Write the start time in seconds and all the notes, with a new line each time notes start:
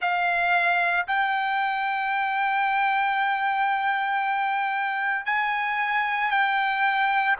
0.00 F5
1.07 G5
5.25 G#5
6.31 G5